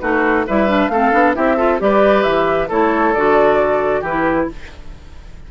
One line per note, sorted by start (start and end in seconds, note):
0.00 0.47 A3
0.00 0.46 D#4
0.00 0.46 F#4
0.00 0.45 B4
0.47 0.89 G3
0.47 0.67 E4
0.47 0.92 B4
0.47 0.88 E5
0.67 0.90 D4
0.88 1.11 A3
0.88 1.12 C4
0.88 1.36 A4
0.88 1.33 F5
1.12 1.35 B3
1.12 1.34 D4
1.34 1.81 C4
1.34 1.57 E4
1.34 1.56 G4
1.34 1.80 E5
1.56 1.79 F4
1.56 1.78 A4
1.79 2.25 G3
1.79 2.68 G4
1.79 2.68 B4
1.79 2.23 D5
2.23 2.70 E3
2.23 2.68 E5
2.68 3.15 A3
2.68 3.15 E4
2.68 4.00 A4
2.68 3.14 C#5
3.14 4.02 D3
3.14 4.06 F#4
3.14 4.03 D5
4.00 4.47 E3
4.00 4.51 E4
4.00 4.45 G4
4.00 4.49 B4